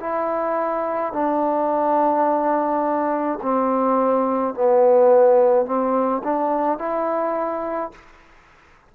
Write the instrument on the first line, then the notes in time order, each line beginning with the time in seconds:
trombone
0.00 E4
1.13 D4
3.42 C4
4.54 B3
5.66 C4
6.23 D4
6.78 E4